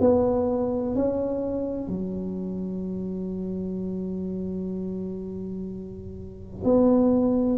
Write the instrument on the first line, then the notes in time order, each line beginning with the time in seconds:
tuba
0.00 B3
0.96 C#4
1.88 F#3
6.64 B3